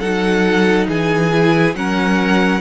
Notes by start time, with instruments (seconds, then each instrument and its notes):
0.00 cello F#3, viola D#4, violin A4 F#5
0.88 cello E3, violin G#4 G#5
1.32 viola E4
1.75 cello F#3, viola C#4, violin A#4 F#5